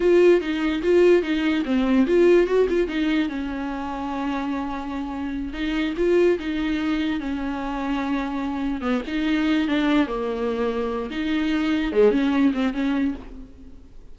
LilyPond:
\new Staff \with { instrumentName = "viola" } { \time 4/4 \tempo 4 = 146 f'4 dis'4 f'4 dis'4 | c'4 f'4 fis'8 f'8 dis'4 | cis'1~ | cis'4. dis'4 f'4 dis'8~ |
dis'4. cis'2~ cis'8~ | cis'4. b8 dis'4. d'8~ | d'8 ais2~ ais8 dis'4~ | dis'4 gis8 cis'4 c'8 cis'4 | }